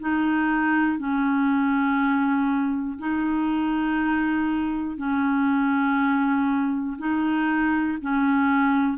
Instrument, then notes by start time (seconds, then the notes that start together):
clarinet
0.00 D#4
0.98 C#4
2.99 D#4
4.97 C#4
6.99 D#4
8.01 C#4